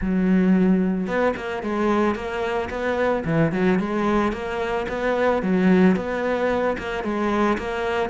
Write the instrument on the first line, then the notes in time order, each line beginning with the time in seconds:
cello
0.01 F#3
1.07 B3
1.36 A#3
1.62 G#3
2.15 A#3
2.70 B3
3.24 E3
3.52 F#3
3.79 G#3
4.32 A#3
4.88 B3
5.42 F#3
5.96 B3
6.77 A#3
7.03 G#3
7.57 A#3